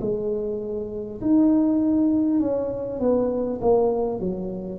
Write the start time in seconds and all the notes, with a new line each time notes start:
0.00 G#3
1.21 D#4
2.39 C#4
2.99 B3
3.61 A#3
4.19 F#3